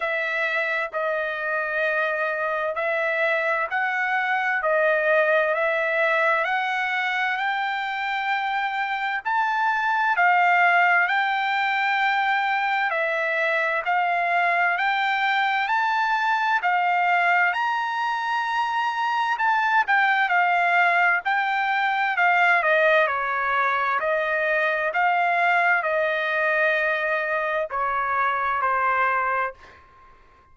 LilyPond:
\new Staff \with { instrumentName = "trumpet" } { \time 4/4 \tempo 4 = 65 e''4 dis''2 e''4 | fis''4 dis''4 e''4 fis''4 | g''2 a''4 f''4 | g''2 e''4 f''4 |
g''4 a''4 f''4 ais''4~ | ais''4 a''8 g''8 f''4 g''4 | f''8 dis''8 cis''4 dis''4 f''4 | dis''2 cis''4 c''4 | }